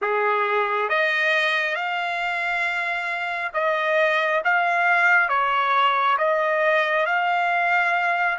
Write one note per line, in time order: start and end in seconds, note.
0.01 0.89 G#4
0.89 1.75 D#5
1.75 3.51 F5
3.53 4.42 D#5
4.44 5.29 F5
5.29 6.17 C#5
6.18 7.05 D#5
7.05 8.38 F5